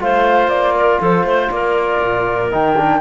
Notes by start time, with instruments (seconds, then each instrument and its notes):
0.00 cello A3, trombone F4, clarinet C5, flute F5
0.47 cello A#3, flute D5
0.76 clarinet A#4
1.00 cello F3, clarinet A4, flute C5
1.23 cello A3, clarinet C5
1.51 cello A#3, clarinet A#4, flute D5
2.02 cello A#2
2.50 cello D#3, trombone D#4, flute G5
2.77 trombone D4